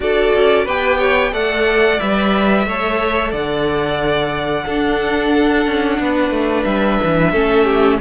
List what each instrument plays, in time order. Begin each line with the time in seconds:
0.00 cello D4, viola F#4, violin A4 D5
0.35 cello C#4
0.64 cello B3, viola G4, violin B4 G5
0.98 violin C#5
1.32 cello A3, viola A4, violin D5 F#5
1.99 cello G3, viola B4, violin E5
2.66 cello A3, viola A4, violin C#5
3.31 cello D3, violin D5 F#5
4.65 cello D4, viola D4, violin A4
5.65 cello C#4
5.99 cello B3, violin B4
6.30 cello A3
6.63 cello G3, violin E5
7.03 cello E3
7.32 cello A3, viola C#4, violin A4
7.64 violin G4